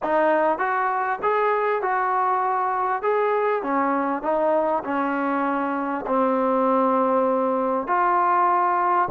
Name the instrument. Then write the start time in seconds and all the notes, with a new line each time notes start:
trombone
0.02 D#4
0.58 F#4
1.22 G#4
1.82 F#4
3.02 G#4
3.62 C#4
4.22 D#4
4.83 C#4
6.06 C4
7.87 F4